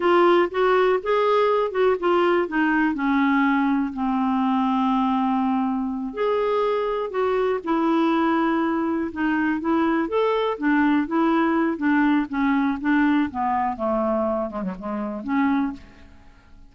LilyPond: \new Staff \with { instrumentName = "clarinet" } { \time 4/4 \tempo 4 = 122 f'4 fis'4 gis'4. fis'8 | f'4 dis'4 cis'2 | c'1~ | c'8 gis'2 fis'4 e'8~ |
e'2~ e'8 dis'4 e'8~ | e'8 a'4 d'4 e'4. | d'4 cis'4 d'4 b4 | a4. gis16 fis16 gis4 cis'4 | }